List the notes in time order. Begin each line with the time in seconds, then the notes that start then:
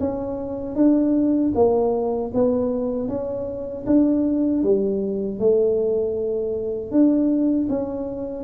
0.00 C#4
0.76 D4
1.55 A#3
2.34 B3
3.08 C#4
3.87 D4
4.63 G3
5.39 A3
6.91 D4
7.69 C#4